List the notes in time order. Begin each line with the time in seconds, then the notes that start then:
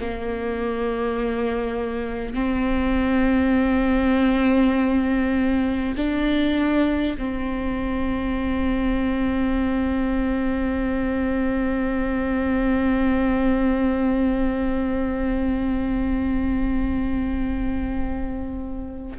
0.00 A#3
2.34 C4
5.97 D4
7.18 C4